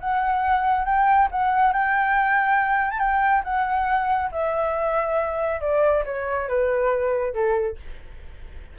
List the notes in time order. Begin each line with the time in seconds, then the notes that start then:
0.00 F#5
0.86 G5
1.31 F#5
1.73 G5
2.91 A5
2.99 G5
3.44 F#5
4.32 E5
5.61 D5
6.05 C#5
6.49 B4
7.34 A4